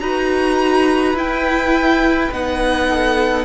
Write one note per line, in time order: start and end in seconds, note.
0.00 1.13 D#4
0.00 1.15 F#4
0.00 2.88 B4
0.00 1.15 A#5
1.13 2.29 E4
1.13 2.31 E4
1.13 2.32 G5
2.31 3.45 B3
2.31 3.45 D#4
2.31 3.45 F#5
2.88 3.45 A4